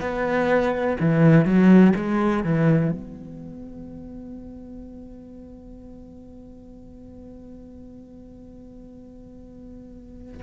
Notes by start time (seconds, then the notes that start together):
0.00 B3
1.00 E3
1.44 F#3
1.95 G#3
2.43 E3
2.91 B3